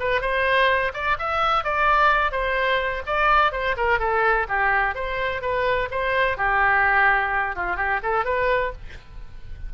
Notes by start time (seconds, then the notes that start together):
0.00 B4
0.21 C5
0.94 D5
1.19 E5
1.64 D5
2.32 C5
3.07 D5
3.52 C5
3.77 A#4
4.00 A4
4.49 G4
4.95 C5
5.42 B4
5.91 C5
6.38 G4
7.56 F4
7.77 G4
8.03 A4
8.25 B4